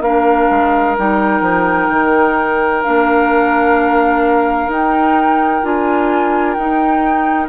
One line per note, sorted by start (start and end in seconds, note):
0.00 0.47 A#3
0.00 0.97 D4
0.00 7.48 A#4
0.00 0.95 F5
0.50 0.97 G#3
0.97 1.40 G3
0.97 2.83 D#4
0.97 2.83 G5
1.40 1.87 F3
1.89 2.82 D#3
2.83 4.67 A#3
2.83 4.70 D4
2.83 4.70 F5
4.67 5.61 D#4
4.67 5.62 D#4
4.67 5.65 G5
5.62 6.56 D4
5.62 6.56 F4
5.62 6.53 G#5
6.53 7.48 D#4
6.53 7.47 G5
6.59 7.48 D#4